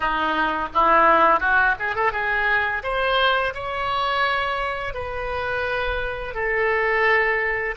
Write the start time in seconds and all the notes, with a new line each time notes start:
0.00 D#4
0.74 E4
1.40 F#4
1.79 G#4
1.95 A4
2.12 G#4
2.83 C5
3.54 C#5
4.94 B4
6.34 A4